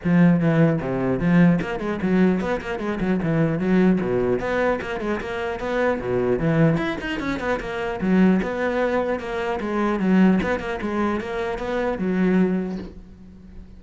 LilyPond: \new Staff \with { instrumentName = "cello" } { \time 4/4 \tempo 4 = 150 f4 e4 c4 f4 | ais8 gis8 fis4 b8 ais8 gis8 fis8 | e4 fis4 b,4 b4 | ais8 gis8 ais4 b4 b,4 |
e4 e'8 dis'8 cis'8 b8 ais4 | fis4 b2 ais4 | gis4 fis4 b8 ais8 gis4 | ais4 b4 fis2 | }